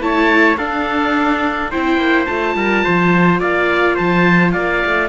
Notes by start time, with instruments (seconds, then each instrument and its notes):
0.00 cello A3, viola E4, trumpet C#5, oboe A5
0.57 cello D4, viola D4, trumpet A4, oboe F5
1.71 cello C4, viola E4, trumpet C5, oboe G5
1.97 cello A#3
2.26 cello A3, viola F4, oboe A5
2.55 cello G3, trumpet A#4
2.84 cello F3, trumpet C5
3.40 cello A#3, trumpet D5, oboe F5
3.95 cello F3, trumpet C5, oboe A5
4.52 cello A#3, trumpet D5, oboe F5
4.86 cello A3